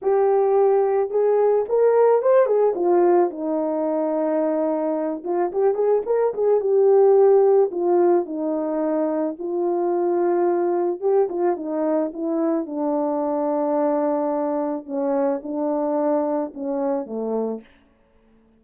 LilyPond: \new Staff \with { instrumentName = "horn" } { \time 4/4 \tempo 4 = 109 g'2 gis'4 ais'4 | c''8 gis'8 f'4 dis'2~ | dis'4. f'8 g'8 gis'8 ais'8 gis'8 | g'2 f'4 dis'4~ |
dis'4 f'2. | g'8 f'8 dis'4 e'4 d'4~ | d'2. cis'4 | d'2 cis'4 a4 | }